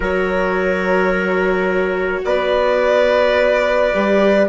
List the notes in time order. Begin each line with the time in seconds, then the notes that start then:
0.00 F#3 F#4 A#4 C#5
2.24 B3 B4 D5
3.92 G3 G4